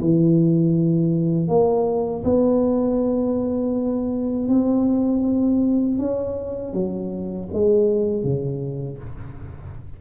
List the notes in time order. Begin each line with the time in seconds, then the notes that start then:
0.00 E3
1.48 A#3
2.24 B3
4.48 C4
5.98 C#4
6.73 F#3
7.53 G#3
8.24 C#3